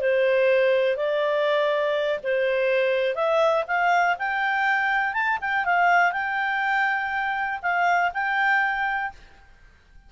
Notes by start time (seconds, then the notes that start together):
0.00 C5
0.97 D5
2.23 C5
3.15 E5
3.68 F5
4.18 G5
5.13 A5
5.41 G5
5.65 F5
6.12 G5
7.62 F5
8.14 G5